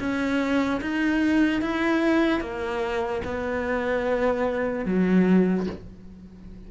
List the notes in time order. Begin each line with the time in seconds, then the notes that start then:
0.00 C#4
0.81 D#4
1.62 E4
2.41 A#3
3.25 B3
4.86 F#3